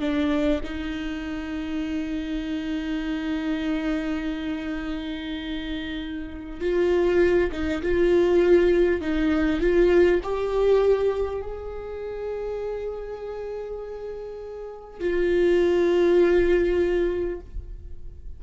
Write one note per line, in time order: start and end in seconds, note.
0.00 0.60 D4
0.63 6.60 D#4
6.60 7.50 F4
7.52 7.82 D#4
7.82 9.01 F4
9.01 9.60 D#4
9.60 10.20 F4
10.23 11.42 G4
11.42 15.00 G#4
15.00 17.40 F4